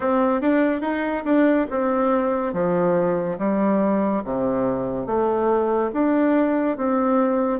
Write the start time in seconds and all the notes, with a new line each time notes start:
0.00 C4
0.41 D4
0.81 D#4
1.24 D4
1.70 C4
2.53 F3
3.38 G3
4.24 C3
5.06 A3
5.93 D4
6.77 C4